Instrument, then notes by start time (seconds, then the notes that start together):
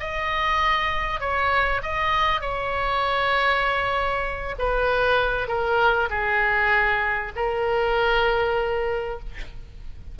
oboe
0.00 D#5
1.21 C#5
1.83 D#5
2.42 C#5
4.59 B4
5.48 A#4
6.10 G#4
7.36 A#4